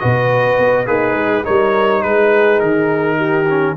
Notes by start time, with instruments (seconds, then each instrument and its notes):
0.00 tuba B2, trombone F#4, horn B4, trumpet D#5
0.59 tuba B3
0.87 tuba A#3, horn D#4, trombone G#4, trumpet B4
1.13 tuba G#3
1.44 tuba G3, trombone D#4, horn A#4, trumpet C#5
2.03 tuba G#3, horn G#4, trumpet B4
2.60 tuba D#3, trumpet A#4
3.17 horn G4
3.50 trombone C#4